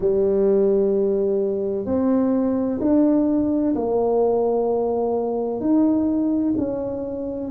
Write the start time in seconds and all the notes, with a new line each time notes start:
0.00 G3
1.85 C4
2.80 D4
3.75 A#3
5.60 D#4
6.57 C#4